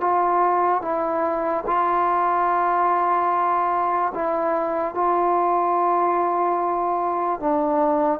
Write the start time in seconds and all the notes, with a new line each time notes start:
0.00 F4
0.81 E4
1.66 F4
4.14 E4
4.94 F4
7.40 D4